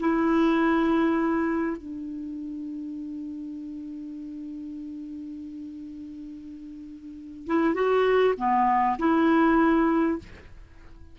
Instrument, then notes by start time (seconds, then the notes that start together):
clarinet
0.00 E4
1.78 D4
7.47 E4
7.75 F#4
8.38 B3
8.99 E4